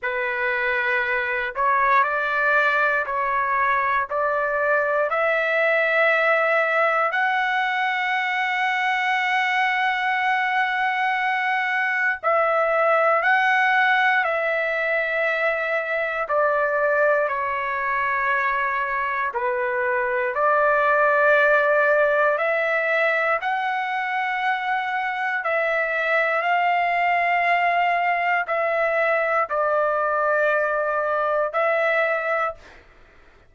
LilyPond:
\new Staff \with { instrumentName = "trumpet" } { \time 4/4 \tempo 4 = 59 b'4. cis''8 d''4 cis''4 | d''4 e''2 fis''4~ | fis''1 | e''4 fis''4 e''2 |
d''4 cis''2 b'4 | d''2 e''4 fis''4~ | fis''4 e''4 f''2 | e''4 d''2 e''4 | }